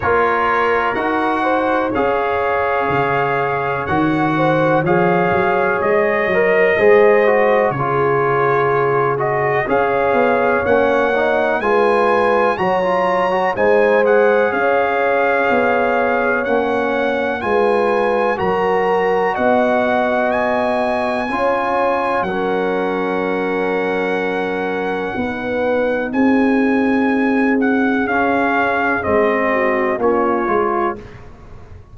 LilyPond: <<
  \new Staff \with { instrumentName = "trumpet" } { \time 4/4 \tempo 4 = 62 cis''4 fis''4 f''2 | fis''4 f''4 dis''2 | cis''4. dis''8 f''4 fis''4 | gis''4 ais''4 gis''8 fis''8 f''4~ |
f''4 fis''4 gis''4 ais''4 | fis''4 gis''2 fis''4~ | fis''2. gis''4~ | gis''8 fis''8 f''4 dis''4 cis''4 | }
  \new Staff \with { instrumentName = "horn" } { \time 4/4 ais'4. c''8 cis''2~ | cis''8 c''8 cis''2 c''4 | gis'2 cis''2 | b'4 cis''4 c''4 cis''4~ |
cis''2 b'4 ais'4 | dis''2 cis''4 ais'4~ | ais'2 b'4 gis'4~ | gis'2~ gis'8 fis'8 f'4 | }
  \new Staff \with { instrumentName = "trombone" } { \time 4/4 f'4 fis'4 gis'2 | fis'4 gis'4. ais'8 gis'8 fis'8 | f'4. fis'8 gis'4 cis'8 dis'8 | f'4 fis'16 f'8 fis'16 dis'8 gis'4.~ |
gis'4 cis'4 f'4 fis'4~ | fis'2 f'4 cis'4~ | cis'2 dis'2~ | dis'4 cis'4 c'4 cis'8 f'8 | }
  \new Staff \with { instrumentName = "tuba" } { \time 4/4 ais4 dis'4 cis'4 cis4 | dis4 f8 fis8 gis8 fis8 gis4 | cis2 cis'8 b8 ais4 | gis4 fis4 gis4 cis'4 |
b4 ais4 gis4 fis4 | b2 cis'4 fis4~ | fis2 b4 c'4~ | c'4 cis'4 gis4 ais8 gis8 | }
>>